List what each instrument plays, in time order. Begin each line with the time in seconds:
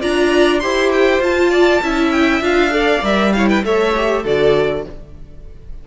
0.00 cello D4, viola F4, violin D5 A#5
0.59 cello E4, viola G4, violin C5 C6
0.92 violin G5
1.19 cello F4, viola F4, violin A5
1.50 violin D5
1.82 cello C#4, viola E4, violin E5
2.11 violin G5
2.41 cello D4, viola F4, violin F5
2.70 viola A4, violin D5
3.02 cello G3, viola A#4, violin E5
3.33 viola E4, violin C#5 F5
3.48 violin B4 G5
3.64 cello A3, viola A4, violin C#5 E5
3.96 viola G4
4.22 cello D3, viola F#4, violin A4 D5